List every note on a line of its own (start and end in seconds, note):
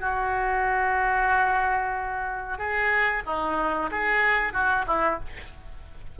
0.00 2.58 F#4
2.58 3.23 G#4
3.26 3.90 D#4
3.91 4.53 G#4
4.53 4.85 F#4
4.87 5.19 E4